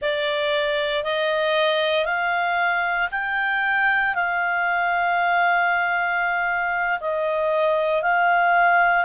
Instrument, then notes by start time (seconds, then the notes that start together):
clarinet
0.01 D5
1.03 D#5
2.05 F5
3.11 G5
4.14 F5
7.00 D#5
8.02 F5